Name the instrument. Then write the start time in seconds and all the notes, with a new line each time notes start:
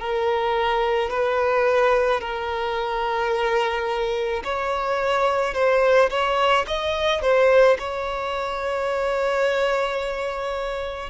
violin
0.00 A#4
1.11 B4
2.21 A#4
4.44 C#5
5.55 C5
6.11 C#5
6.67 D#5
7.22 C5
7.79 C#5